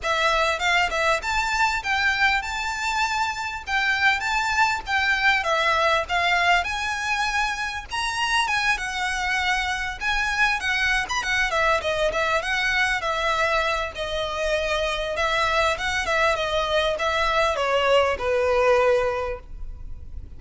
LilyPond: \new Staff \with { instrumentName = "violin" } { \time 4/4 \tempo 4 = 99 e''4 f''8 e''8 a''4 g''4 | a''2 g''4 a''4 | g''4 e''4 f''4 gis''4~ | gis''4 ais''4 gis''8 fis''4.~ |
fis''8 gis''4 fis''8. b''16 fis''8 e''8 dis''8 | e''8 fis''4 e''4. dis''4~ | dis''4 e''4 fis''8 e''8 dis''4 | e''4 cis''4 b'2 | }